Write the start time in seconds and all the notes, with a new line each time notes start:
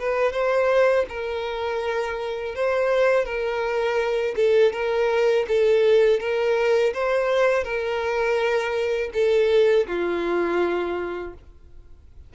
0.00 B4
0.33 C5
1.09 A#4
2.55 C5
3.26 A#4
4.36 A4
4.73 A#4
5.48 A4
6.20 A#4
6.94 C5
7.65 A#4
9.14 A4
9.88 F4